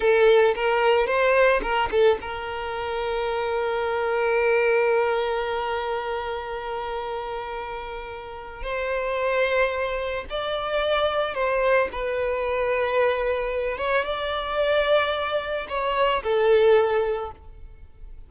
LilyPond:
\new Staff \with { instrumentName = "violin" } { \time 4/4 \tempo 4 = 111 a'4 ais'4 c''4 ais'8 a'8 | ais'1~ | ais'1~ | ais'1 |
c''2. d''4~ | d''4 c''4 b'2~ | b'4. cis''8 d''2~ | d''4 cis''4 a'2 | }